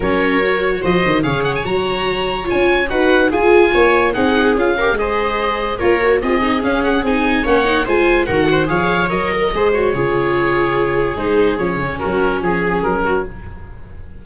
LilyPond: <<
  \new Staff \with { instrumentName = "oboe" } { \time 4/4 \tempo 4 = 145 cis''2 dis''4 f''8 fis''16 gis''16 | ais''2 gis''4 fis''4 | gis''2 fis''4 f''4 | dis''2 cis''4 dis''4 |
f''8 fis''8 gis''4 fis''4 gis''4 | fis''4 f''4 dis''4. cis''8~ | cis''2. c''4 | cis''4 ais'4 gis'4 ais'4 | }
  \new Staff \with { instrumentName = "viola" } { \time 4/4 ais'2 c''4 cis''4~ | cis''2. b'4 | gis'4 cis''4 gis'4. ais'8 | c''2 ais'4 gis'4~ |
gis'2 cis''4 c''4 | ais'8 c''8 cis''4. ais'8 c''4 | gis'1~ | gis'4 fis'4 gis'4. fis'8 | }
  \new Staff \with { instrumentName = "viola" } { \time 4/4 cis'4 fis'2 gis'4 | fis'2 f'4 fis'4 | f'2 dis'4 f'8 g'8 | gis'2 f'8 fis'8 f'8 dis'8 |
cis'4 dis'4 cis'8 dis'8 f'4 | fis'4 gis'4 ais'4 gis'8 fis'8 | f'2. dis'4 | cis'1 | }
  \new Staff \with { instrumentName = "tuba" } { \time 4/4 fis2 f8 dis8 cis4 | fis2 cis'4 dis'4 | f'4 ais4 c'4 cis'4 | gis2 ais4 c'4 |
cis'4 c'4 ais4 gis4 | dis4 f4 fis4 gis4 | cis2. gis4 | f8 cis8 fis4 f4 fis4 | }
>>